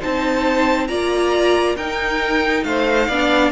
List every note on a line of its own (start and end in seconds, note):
0.00 0.89 C4
0.00 0.88 D#4
0.00 0.89 C5
0.00 0.88 A5
0.88 1.76 A#3
0.88 1.77 F4
0.88 1.77 D5
0.88 1.76 A#5
1.76 2.64 D#4
1.76 3.11 D#4
1.76 2.65 A#4
1.76 2.64 G5
2.64 3.09 A3
2.64 3.08 C5
2.64 3.52 F5
3.08 3.52 B3
3.08 3.52 D4
3.08 3.52 D5